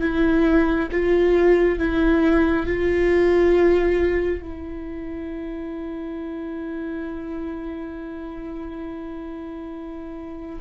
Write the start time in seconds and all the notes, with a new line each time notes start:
0.00 E4
0.91 F4
1.78 E4
2.66 F4
4.42 E4